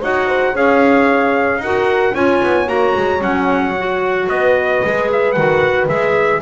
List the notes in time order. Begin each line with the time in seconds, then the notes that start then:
0.00 D#4 F#4 C#5 F#5
0.27 C5
0.52 C#4 G#4 C#5 F5
1.58 D#4 A#4 F#5
1.64 F#4
2.14 C#4 F4 C#5 G#5
2.42 B3
2.66 A#3 F#4 A#5
2.97 G#3
3.19 F#3 C#4 F#5
3.78 F#4
4.29 B3 B4 D#5
4.84 G#3 G#4
5.12 E5
5.32 D#3 F#4 F#5
5.88 G#3 G#4 E5